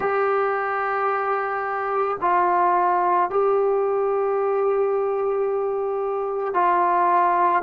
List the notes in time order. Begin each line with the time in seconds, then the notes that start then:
0.00 G4
2.21 F4
3.30 G4
6.54 F4